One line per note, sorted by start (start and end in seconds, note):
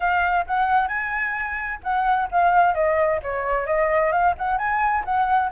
0.00 0.45 F5
0.46 0.87 F#5
0.87 1.79 G#5
1.83 2.28 F#5
2.31 2.74 F5
2.74 3.20 D#5
3.22 3.66 C#5
3.66 4.11 D#5
4.11 4.34 F5
4.37 4.58 F#5
4.58 5.03 G#5
5.04 5.50 F#5